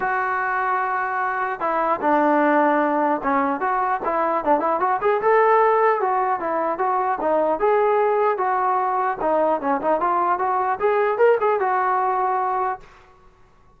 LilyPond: \new Staff \with { instrumentName = "trombone" } { \time 4/4 \tempo 4 = 150 fis'1 | e'4 d'2. | cis'4 fis'4 e'4 d'8 e'8 | fis'8 gis'8 a'2 fis'4 |
e'4 fis'4 dis'4 gis'4~ | gis'4 fis'2 dis'4 | cis'8 dis'8 f'4 fis'4 gis'4 | ais'8 gis'8 fis'2. | }